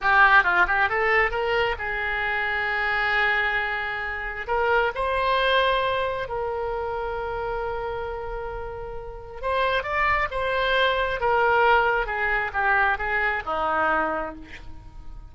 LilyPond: \new Staff \with { instrumentName = "oboe" } { \time 4/4 \tempo 4 = 134 g'4 f'8 g'8 a'4 ais'4 | gis'1~ | gis'2 ais'4 c''4~ | c''2 ais'2~ |
ais'1~ | ais'4 c''4 d''4 c''4~ | c''4 ais'2 gis'4 | g'4 gis'4 dis'2 | }